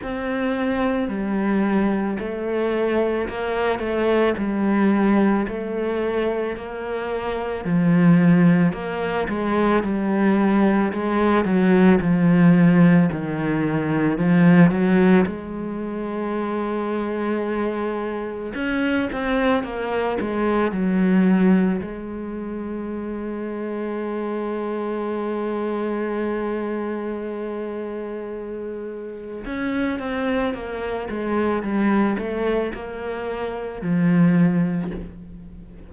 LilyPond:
\new Staff \with { instrumentName = "cello" } { \time 4/4 \tempo 4 = 55 c'4 g4 a4 ais8 a8 | g4 a4 ais4 f4 | ais8 gis8 g4 gis8 fis8 f4 | dis4 f8 fis8 gis2~ |
gis4 cis'8 c'8 ais8 gis8 fis4 | gis1~ | gis2. cis'8 c'8 | ais8 gis8 g8 a8 ais4 f4 | }